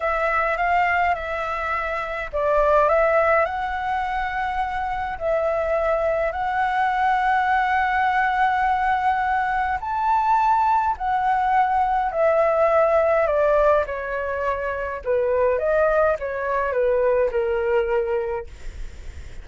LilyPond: \new Staff \with { instrumentName = "flute" } { \time 4/4 \tempo 4 = 104 e''4 f''4 e''2 | d''4 e''4 fis''2~ | fis''4 e''2 fis''4~ | fis''1~ |
fis''4 a''2 fis''4~ | fis''4 e''2 d''4 | cis''2 b'4 dis''4 | cis''4 b'4 ais'2 | }